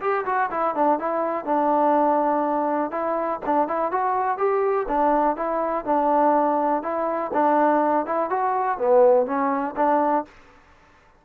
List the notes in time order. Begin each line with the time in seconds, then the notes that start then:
0.00 G4
0.25 F#4
0.50 E4
0.75 D4
0.98 E4
1.45 D4
2.91 E4
3.45 D4
3.67 E4
3.91 F#4
4.37 G4
4.88 D4
5.36 E4
5.85 D4
6.82 E4
7.33 D4
8.05 E4
8.29 F#4
8.78 B3
9.26 C#4
9.76 D4